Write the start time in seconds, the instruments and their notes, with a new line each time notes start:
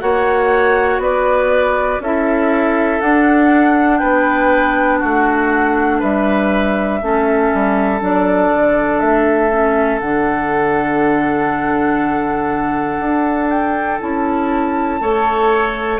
0.00 bassoon A#3, clarinet F#4, oboe C#5, flute F#5
0.98 bassoon B3, oboe B4, flute D5
1.99 bassoon C#4, clarinet E4, oboe A4, flute E5
3.00 clarinet D4, bassoon D4, flute F#5
3.98 bassoon B3, oboe B4, flute G5
4.99 bassoon A3, oboe F#4, flute F#5
5.99 bassoon G3, oboe B4, flute E5
7.01 bassoon A3, clarinet C#4, oboe A4
7.53 bassoon G3
8.00 bassoon F#3, clarinet D4, flute D5
8.51 bassoon D3
8.99 bassoon A3, flute E5
9.50 clarinet C#4
10.00 bassoon D3, clarinet D4, flute F#5
12.99 bassoon D4
13.49 flute G5
14.00 bassoon C#4, clarinet E4, flute A5
15.00 bassoon A3, clarinet A4, oboe C#5